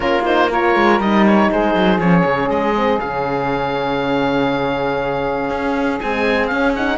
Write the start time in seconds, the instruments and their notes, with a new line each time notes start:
0.00 cello A#3, horn C#4, saxophone F4, oboe A#4
0.25 horn D#4, oboe C5
0.49 horn F4, saxophone A#4, oboe C#5
0.75 cello G#3
0.99 cello G3, horn D#4, oboe D#5
1.26 oboe C#5
1.50 cello G#3, saxophone G#4, oboe C5
1.74 cello F#3
1.98 cello F3, horn C#4, oboe C#5
2.24 cello C#3
2.49 cello G#3, oboe D#5
2.75 horn C4
2.99 cello C#3, horn C#4, oboe F5
5.50 cello C#4
6.00 horn G#3, cello C4, oboe G#5
6.47 horn C#4, cello C#4, oboe F5
6.75 horn D#4, oboe F#5